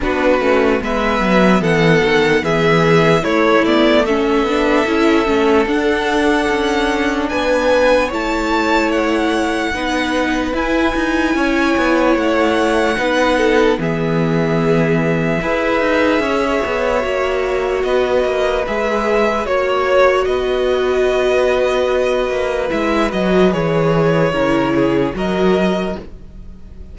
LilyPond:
<<
  \new Staff \with { instrumentName = "violin" } { \time 4/4 \tempo 4 = 74 b'4 e''4 fis''4 e''4 | cis''8 d''8 e''2 fis''4~ | fis''4 gis''4 a''4 fis''4~ | fis''4 gis''2 fis''4~ |
fis''4 e''2.~ | e''2 dis''4 e''4 | cis''4 dis''2. | e''8 dis''8 cis''2 dis''4 | }
  \new Staff \with { instrumentName = "violin" } { \time 4/4 fis'4 b'4 a'4 gis'4 | e'4 a'2.~ | a'4 b'4 cis''2 | b'2 cis''2 |
b'8 a'8 gis'2 b'4 | cis''2 b'2 | cis''4 b'2.~ | b'2 ais'8 gis'8 ais'4 | }
  \new Staff \with { instrumentName = "viola" } { \time 4/4 d'8 cis'8 b2. | a8 b8 cis'8 d'8 e'8 cis'8 d'4~ | d'2 e'2 | dis'4 e'2. |
dis'4 b2 gis'4~ | gis'4 fis'2 gis'4 | fis'1 | e'8 fis'8 gis'4 e'4 fis'4 | }
  \new Staff \with { instrumentName = "cello" } { \time 4/4 b8 a8 gis8 fis8 e8 dis8 e4 | a4. b8 cis'8 a8 d'4 | cis'4 b4 a2 | b4 e'8 dis'8 cis'8 b8 a4 |
b4 e2 e'8 dis'8 | cis'8 b8 ais4 b8 ais8 gis4 | ais4 b2~ b8 ais8 | gis8 fis8 e4 cis4 fis4 | }
>>